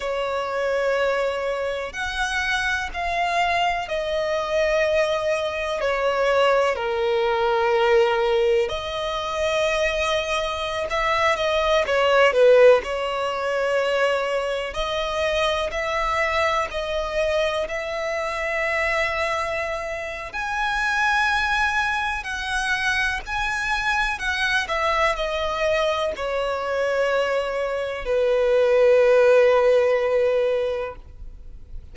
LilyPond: \new Staff \with { instrumentName = "violin" } { \time 4/4 \tempo 4 = 62 cis''2 fis''4 f''4 | dis''2 cis''4 ais'4~ | ais'4 dis''2~ dis''16 e''8 dis''16~ | dis''16 cis''8 b'8 cis''2 dis''8.~ |
dis''16 e''4 dis''4 e''4.~ e''16~ | e''4 gis''2 fis''4 | gis''4 fis''8 e''8 dis''4 cis''4~ | cis''4 b'2. | }